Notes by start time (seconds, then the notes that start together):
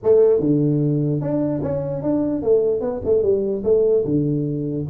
0.03 A3
0.40 D3
1.21 D4
1.62 C#4
2.02 D4
2.42 A3
2.80 B3
3.04 A3
3.22 G3
3.64 A3
4.04 D3